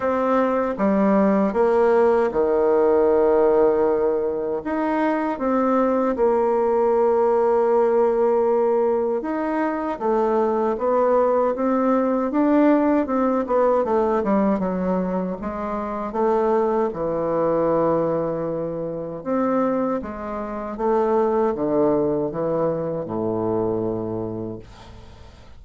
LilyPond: \new Staff \with { instrumentName = "bassoon" } { \time 4/4 \tempo 4 = 78 c'4 g4 ais4 dis4~ | dis2 dis'4 c'4 | ais1 | dis'4 a4 b4 c'4 |
d'4 c'8 b8 a8 g8 fis4 | gis4 a4 e2~ | e4 c'4 gis4 a4 | d4 e4 a,2 | }